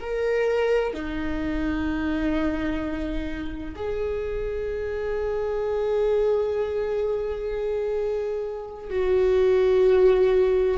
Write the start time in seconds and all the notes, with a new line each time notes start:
0.00 A#4
0.94 D#4
3.76 G#4
8.90 F#4